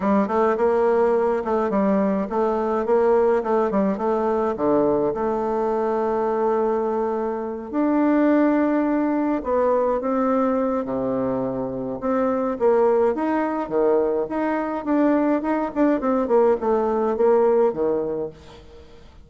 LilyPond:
\new Staff \with { instrumentName = "bassoon" } { \time 4/4 \tempo 4 = 105 g8 a8 ais4. a8 g4 | a4 ais4 a8 g8 a4 | d4 a2.~ | a4. d'2~ d'8~ |
d'8 b4 c'4. c4~ | c4 c'4 ais4 dis'4 | dis4 dis'4 d'4 dis'8 d'8 | c'8 ais8 a4 ais4 dis4 | }